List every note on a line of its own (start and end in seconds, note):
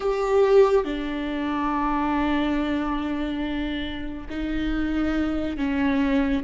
0.00 0.85 G4
0.85 4.27 D4
4.29 5.57 D#4
5.57 6.43 C#4